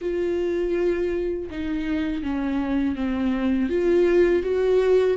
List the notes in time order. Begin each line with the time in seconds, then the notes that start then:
0.01 F4
1.50 D#4
2.22 C#4
2.95 C4
3.69 F4
4.42 F#4